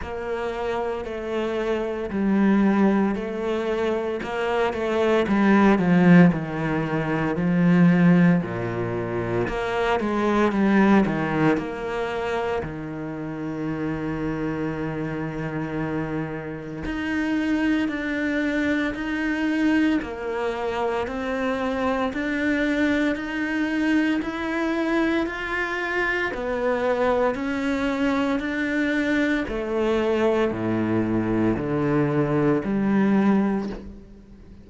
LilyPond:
\new Staff \with { instrumentName = "cello" } { \time 4/4 \tempo 4 = 57 ais4 a4 g4 a4 | ais8 a8 g8 f8 dis4 f4 | ais,4 ais8 gis8 g8 dis8 ais4 | dis1 |
dis'4 d'4 dis'4 ais4 | c'4 d'4 dis'4 e'4 | f'4 b4 cis'4 d'4 | a4 a,4 d4 g4 | }